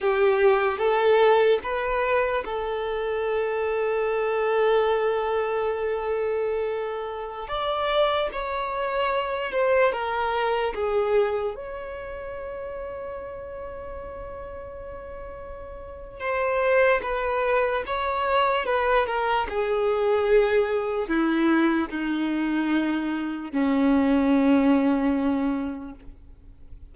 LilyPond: \new Staff \with { instrumentName = "violin" } { \time 4/4 \tempo 4 = 74 g'4 a'4 b'4 a'4~ | a'1~ | a'4~ a'16 d''4 cis''4. c''16~ | c''16 ais'4 gis'4 cis''4.~ cis''16~ |
cis''1 | c''4 b'4 cis''4 b'8 ais'8 | gis'2 e'4 dis'4~ | dis'4 cis'2. | }